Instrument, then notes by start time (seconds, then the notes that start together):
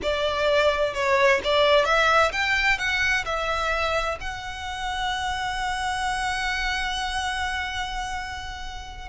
violin
0.02 D5
0.94 C#5
1.44 D5
1.85 E5
2.32 G5
2.78 F#5
3.25 E5
4.20 F#5